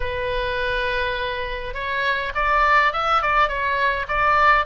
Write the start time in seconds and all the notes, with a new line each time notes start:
0.00 B4
1.74 C#5
2.34 D5
2.93 E5
3.22 D5
3.48 C#5
4.08 D5